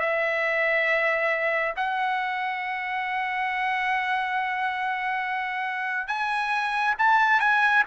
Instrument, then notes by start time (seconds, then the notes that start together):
trumpet
0.00 E5
1.76 F#5
6.08 G#5
6.98 A5
7.40 G#5